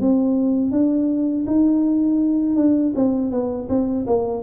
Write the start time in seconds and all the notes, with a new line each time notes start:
0.00 C4
0.71 D4
1.46 D#4
2.56 D4
2.95 C4
3.31 B3
3.69 C4
4.06 A#3